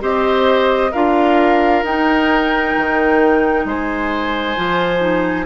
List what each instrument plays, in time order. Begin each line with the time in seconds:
0.00 bassoon C4, clarinet G4, oboe C5, flute D#5
0.91 bassoon D4, clarinet F4, oboe A#4, flute F5
1.83 bassoon D#4, clarinet D#4, flute G5
2.77 bassoon D#3
3.65 bassoon G#3, oboe C5, flute G#5
4.56 bassoon F3, clarinet F4
4.99 clarinet D#4